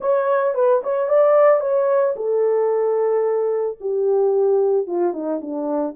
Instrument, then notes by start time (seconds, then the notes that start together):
horn
0.00 C#5
0.54 B4
0.83 C#5
1.08 D5
1.60 C#5
2.15 A4
3.80 G4
4.86 F4
5.13 D#4
5.41 D4